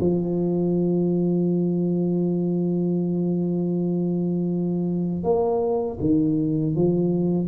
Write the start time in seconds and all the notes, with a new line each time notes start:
0.00 F3
5.23 A#3
6.00 D#3
6.75 F3